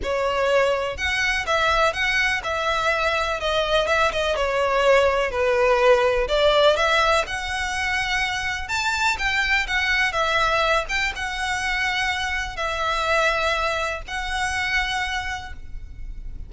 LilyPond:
\new Staff \with { instrumentName = "violin" } { \time 4/4 \tempo 4 = 124 cis''2 fis''4 e''4 | fis''4 e''2 dis''4 | e''8 dis''8 cis''2 b'4~ | b'4 d''4 e''4 fis''4~ |
fis''2 a''4 g''4 | fis''4 e''4. g''8 fis''4~ | fis''2 e''2~ | e''4 fis''2. | }